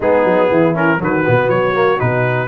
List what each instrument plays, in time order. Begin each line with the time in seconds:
0.00 tuba G#3, trombone B3, horn D#4, trumpet G#4
0.24 tuba F#3
0.49 tuba E3, horn E4
0.74 trombone C#4, trumpet A#4
0.98 tuba D#3, trombone F#3, horn F#4, trumpet B4
1.25 tuba B2, trombone B3
1.48 tuba F#3, trumpet C#5
1.74 trombone A#3
1.98 tuba B2, trombone D#4, trumpet B4